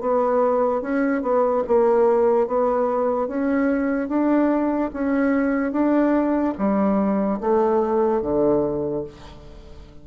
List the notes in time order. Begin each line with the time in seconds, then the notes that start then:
0.00 B3
0.81 C#4
1.22 B3
1.67 A#3
2.47 B3
3.27 C#4
4.08 D4
4.93 C#4
5.72 D4
6.58 G3
7.40 A3
8.21 D3